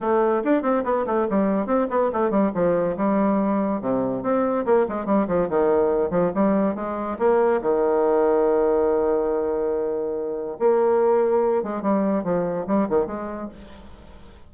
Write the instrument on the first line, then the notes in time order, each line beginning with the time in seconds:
bassoon
0.00 A3
0.44 D4
0.62 C4
0.84 B3
1.06 A3
1.30 G3
1.66 C4
1.90 B3
2.12 A3
2.30 G3
2.54 F3
2.96 G3
3.81 C3
4.23 C4
4.65 A#3
4.88 G#3
5.05 G3
5.27 F3
5.49 D#3
6.10 F3
6.35 G3
6.75 G#3
7.18 A#3
7.61 D#3
10.59 A#3
11.63 G#3
11.82 G3
12.23 F3
12.67 G3
12.89 D#3
13.06 G#3